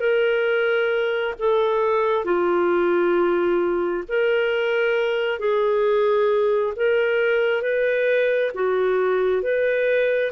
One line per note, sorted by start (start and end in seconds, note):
0.00 1.34 A#4
1.39 2.25 A4
2.25 4.04 F4
4.09 5.39 A#4
5.39 6.74 G#4
6.76 7.62 A#4
7.62 8.52 B4
8.55 9.42 F#4
9.42 10.31 B4